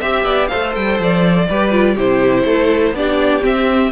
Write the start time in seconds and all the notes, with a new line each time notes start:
0.00 C4 G4 E5
0.24 B3 D5
0.48 A3 A4 C5 F5
0.75 G3 G5
0.99 F3 D5
1.49 G3 G4 B4
1.71 F4
1.94 C3 E4 G4 C5
2.44 A3 A4
2.91 B3 D4 G4 D5
3.41 C4 E5